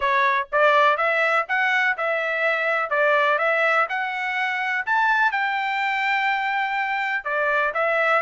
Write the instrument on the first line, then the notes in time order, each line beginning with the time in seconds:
trumpet
0.00 C#5
0.51 D5
0.97 E5
1.48 F#5
1.97 E5
2.90 D5
3.38 E5
3.89 F#5
4.86 A5
5.31 G5
7.24 D5
7.74 E5